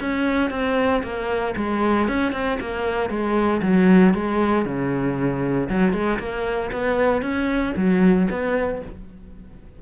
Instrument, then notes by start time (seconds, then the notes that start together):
cello
0.00 C#4
0.51 C4
1.03 A#3
1.57 G#3
2.08 C#4
2.33 C4
2.60 A#3
3.10 G#3
3.62 F#3
4.14 G#3
4.65 C#3
5.69 F#3
5.93 G#3
6.19 A#3
6.72 B3
7.22 C#4
7.77 F#3
8.30 B3